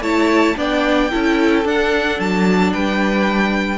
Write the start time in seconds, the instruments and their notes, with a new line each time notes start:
0.00 cello A3, viola E4, violin C#5 A5
0.56 cello B3, viola D4, violin D5 G5
1.10 cello C#4, viola E4, violin A4
1.64 viola D4, cello D4, violin F#5
2.19 cello F#3, violin A5
2.73 cello G3, violin B4 G5